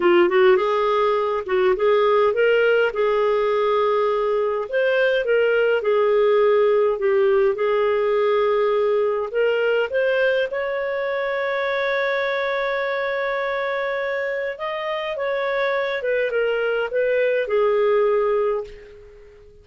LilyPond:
\new Staff \with { instrumentName = "clarinet" } { \time 4/4 \tempo 4 = 103 f'8 fis'8 gis'4. fis'8 gis'4 | ais'4 gis'2. | c''4 ais'4 gis'2 | g'4 gis'2. |
ais'4 c''4 cis''2~ | cis''1~ | cis''4 dis''4 cis''4. b'8 | ais'4 b'4 gis'2 | }